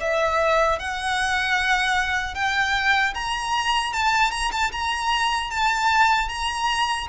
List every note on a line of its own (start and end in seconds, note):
0.00 0.79 E5
0.79 2.35 F#5
2.35 3.14 G5
3.14 3.93 A#5
3.93 4.31 A5
4.31 4.51 A#5
4.52 4.72 A5
4.72 5.50 A#5
5.50 6.29 A5
6.29 7.08 A#5